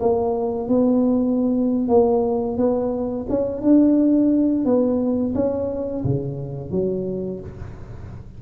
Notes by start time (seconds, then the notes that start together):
0.00 A#3
0.68 B3
1.88 A#3
2.57 B3
3.29 C#4
3.62 D4
4.65 B3
5.34 C#4
6.04 C#3
6.71 F#3